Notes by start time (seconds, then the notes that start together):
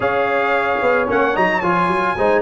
0.00 C#4 G#4 C#5 F5
0.81 B3
1.08 A#3 C#4 F#5
1.35 F#3 D#4 A#5
1.60 F3 F4 G#5
1.87 F#3
2.17 G#3 D#4 C5